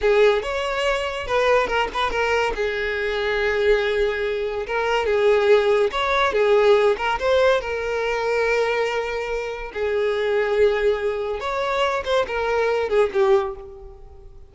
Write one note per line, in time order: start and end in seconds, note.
0.01 0.42 G#4
0.42 1.27 C#5
1.27 1.67 B4
1.67 1.88 A#4
1.93 2.10 B4
2.10 2.52 A#4
2.55 4.66 G#4
4.66 5.06 A#4
5.06 5.90 G#4
5.91 6.32 C#5
6.32 6.96 G#4
6.97 7.19 A#4
7.19 7.60 C5
7.60 9.72 A#4
9.73 11.40 G#4
11.40 12.03 C#5
12.04 12.26 C5
12.27 12.89 A#4
12.89 13.10 G#4
13.13 13.55 G4